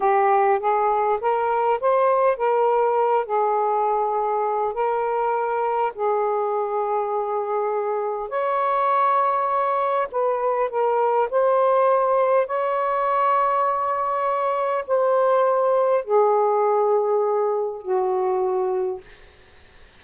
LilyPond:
\new Staff \with { instrumentName = "saxophone" } { \time 4/4 \tempo 4 = 101 g'4 gis'4 ais'4 c''4 | ais'4. gis'2~ gis'8 | ais'2 gis'2~ | gis'2 cis''2~ |
cis''4 b'4 ais'4 c''4~ | c''4 cis''2.~ | cis''4 c''2 gis'4~ | gis'2 fis'2 | }